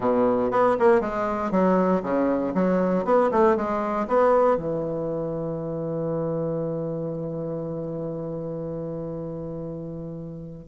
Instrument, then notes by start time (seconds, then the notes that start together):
bassoon
0.00 B2
0.51 B3
0.79 A#3
1.00 G#3
1.51 F#3
2.02 C#3
2.54 F#3
3.05 B3
3.31 A3
3.56 G#3
4.07 B3
4.56 E3